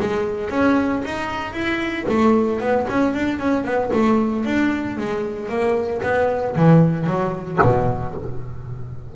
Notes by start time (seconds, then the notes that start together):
0.00 G#3
0.50 C#4
1.05 D#4
1.53 E4
2.09 A3
2.60 B3
2.89 C#4
3.14 D4
3.39 C#4
3.64 B3
3.93 A3
4.45 D4
4.98 G#3
5.49 A#3
6.03 B3
6.56 E3
7.06 F#3
7.62 B2